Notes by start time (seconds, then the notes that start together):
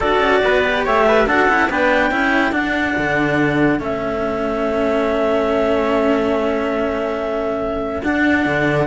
0.00 D4 F#4 A4 D5
0.19 C#4
0.44 B3 B4
0.64 G4
0.84 A3 C#5 E5
1.07 B4
1.26 D4 F#4 A4 F#5
1.48 C#4 E4
1.69 B3 D4 B4 G5
2.11 C#4 E4 A4
2.51 D4 F#5
2.98 D3
3.79 A3 C#4 E5
8.02 D4 F#5
8.45 D3